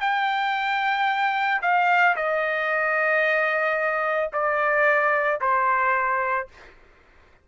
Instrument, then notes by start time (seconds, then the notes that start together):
trumpet
0.00 G5
1.62 F5
2.16 D#5
4.33 D5
5.41 C5